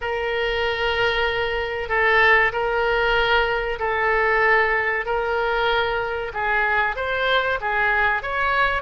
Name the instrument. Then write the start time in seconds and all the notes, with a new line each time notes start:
oboe
0.01 A#4
1.89 A4
2.52 A#4
3.79 A4
5.05 A#4
6.33 G#4
6.96 C5
7.60 G#4
8.22 C#5